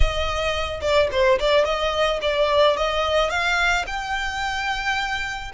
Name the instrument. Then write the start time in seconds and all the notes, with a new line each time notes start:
violin
0.00 D#5
0.81 D5
1.11 C5
1.39 D5
1.64 D#5
2.21 D5
2.76 D#5
3.30 F5
3.86 G5